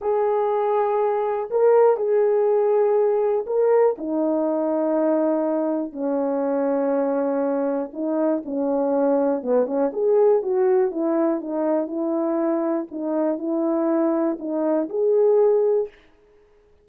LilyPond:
\new Staff \with { instrumentName = "horn" } { \time 4/4 \tempo 4 = 121 gis'2. ais'4 | gis'2. ais'4 | dis'1 | cis'1 |
dis'4 cis'2 b8 cis'8 | gis'4 fis'4 e'4 dis'4 | e'2 dis'4 e'4~ | e'4 dis'4 gis'2 | }